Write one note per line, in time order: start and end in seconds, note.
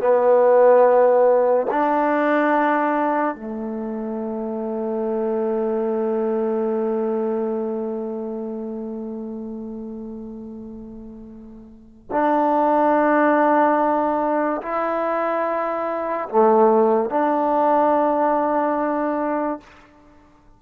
0.00 1.67 B3
1.70 3.35 D4
3.35 12.10 A3
12.11 14.61 D4
14.62 16.29 E4
16.29 17.10 A3
17.10 19.60 D4